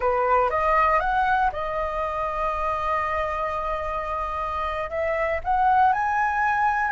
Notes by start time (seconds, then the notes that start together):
0.00 B4
0.50 D#5
1.00 F#5
1.52 D#5
4.90 E5
5.44 F#5
5.92 G#5